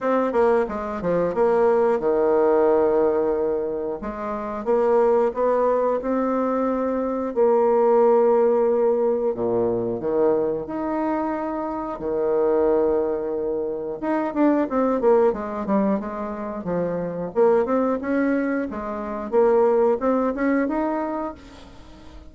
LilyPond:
\new Staff \with { instrumentName = "bassoon" } { \time 4/4 \tempo 4 = 90 c'8 ais8 gis8 f8 ais4 dis4~ | dis2 gis4 ais4 | b4 c'2 ais4~ | ais2 ais,4 dis4 |
dis'2 dis2~ | dis4 dis'8 d'8 c'8 ais8 gis8 g8 | gis4 f4 ais8 c'8 cis'4 | gis4 ais4 c'8 cis'8 dis'4 | }